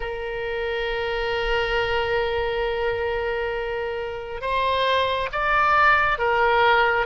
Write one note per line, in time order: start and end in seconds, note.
0.00 4.41 A#4
4.41 5.29 C5
5.31 6.18 D5
6.18 7.06 A#4